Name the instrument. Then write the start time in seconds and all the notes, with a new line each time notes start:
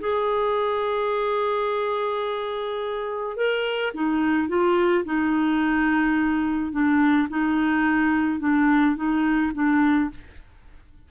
clarinet
0.00 G#4
3.37 A#4
3.94 D#4
4.49 F4
5.05 D#4
6.72 D4
7.29 D#4
8.40 D4
8.96 D#4
9.54 D4